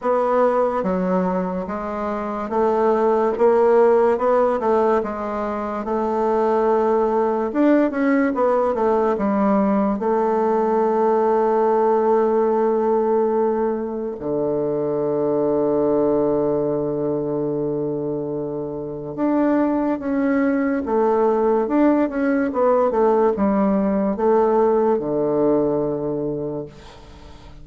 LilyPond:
\new Staff \with { instrumentName = "bassoon" } { \time 4/4 \tempo 4 = 72 b4 fis4 gis4 a4 | ais4 b8 a8 gis4 a4~ | a4 d'8 cis'8 b8 a8 g4 | a1~ |
a4 d2.~ | d2. d'4 | cis'4 a4 d'8 cis'8 b8 a8 | g4 a4 d2 | }